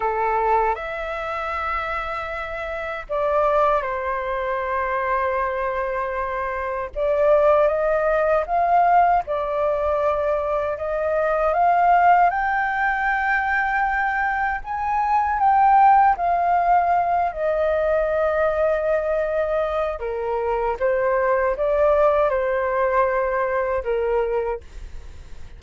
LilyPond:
\new Staff \with { instrumentName = "flute" } { \time 4/4 \tempo 4 = 78 a'4 e''2. | d''4 c''2.~ | c''4 d''4 dis''4 f''4 | d''2 dis''4 f''4 |
g''2. gis''4 | g''4 f''4. dis''4.~ | dis''2 ais'4 c''4 | d''4 c''2 ais'4 | }